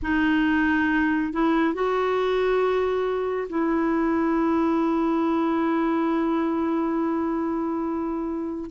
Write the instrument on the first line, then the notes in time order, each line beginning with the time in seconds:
clarinet
0.02 D#4
1.32 E4
1.74 F#4
3.49 E4